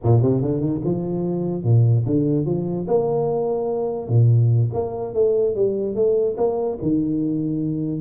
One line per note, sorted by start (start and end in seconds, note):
0.03 0.22 A#2
0.22 0.41 C3
0.41 0.60 D3
0.60 0.80 D#3
0.84 1.63 F3
1.63 2.04 A#2
2.05 2.45 D3
2.45 2.86 F3
2.87 4.08 A#3
4.08 4.70 A#2
4.73 5.14 A#3
5.14 5.55 A3
5.55 5.95 G3
5.95 6.36 A3
6.37 6.78 A#3
6.82 8.01 D#3